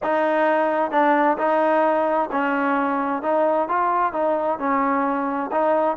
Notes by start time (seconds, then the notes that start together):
0.02 D#4
0.91 D4
1.37 D#4
2.31 C#4
3.22 D#4
3.68 F4
4.12 D#4
4.58 C#4
5.51 D#4